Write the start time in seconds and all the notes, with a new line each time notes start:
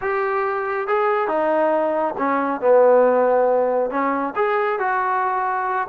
0.01 G4
0.87 G#4
1.28 D#4
2.18 C#4
2.60 B3
3.90 C#4
4.35 G#4
4.79 F#4